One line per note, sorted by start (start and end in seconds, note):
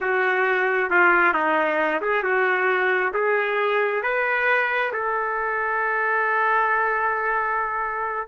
0.01 0.90 F#4
0.90 1.33 F4
1.33 2.00 D#4
2.01 2.23 G#4
2.23 3.12 F#4
3.13 4.03 G#4
4.03 4.92 B4
4.93 8.28 A4